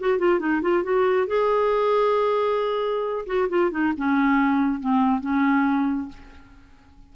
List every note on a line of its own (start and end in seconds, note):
0.00 0.19 F#4
0.19 0.40 F4
0.40 0.62 D#4
0.62 0.84 F4
0.84 1.27 F#4
1.27 3.26 G#4
3.26 3.49 F#4
3.49 3.71 F4
3.71 3.93 D#4
3.97 4.80 C#4
4.80 5.21 C4
5.21 6.09 C#4